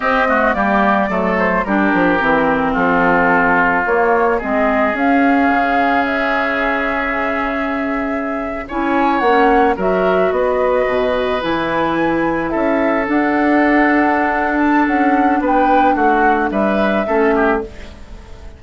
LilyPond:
<<
  \new Staff \with { instrumentName = "flute" } { \time 4/4 \tempo 4 = 109 dis''4 d''4. c''8 ais'4~ | ais'4 a'2 cis''4 | dis''4 f''2 e''4~ | e''2.~ e''8. gis''16~ |
gis''8. fis''4 e''4 dis''4~ dis''16~ | dis''8. gis''2 e''4 fis''16~ | fis''2~ fis''8 a''8 fis''4 | g''4 fis''4 e''2 | }
  \new Staff \with { instrumentName = "oboe" } { \time 4/4 g'8 fis'8 g'4 a'4 g'4~ | g'4 f'2. | gis'1~ | gis'2.~ gis'8. cis''16~ |
cis''4.~ cis''16 ais'4 b'4~ b'16~ | b'2~ b'8. a'4~ a'16~ | a'1 | b'4 fis'4 b'4 a'8 g'8 | }
  \new Staff \with { instrumentName = "clarinet" } { \time 4/4 c'8 a8 ais4 a4 d'4 | c'2. ais4 | c'4 cis'2.~ | cis'2.~ cis'8. e'16~ |
e'8. cis'4 fis'2~ fis'16~ | fis'8. e'2. d'16~ | d'1~ | d'2. cis'4 | }
  \new Staff \with { instrumentName = "bassoon" } { \time 4/4 c'4 g4 fis4 g8 f8 | e4 f2 ais4 | gis4 cis'4 cis2~ | cis2.~ cis8. cis'16~ |
cis'8. ais4 fis4 b4 b,16~ | b,8. e2 cis'4 d'16~ | d'2. cis'4 | b4 a4 g4 a4 | }
>>